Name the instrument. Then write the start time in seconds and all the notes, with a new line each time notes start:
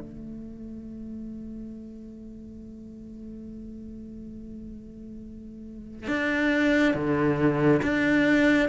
cello
0.00 A3
6.08 D4
6.94 D3
7.83 D4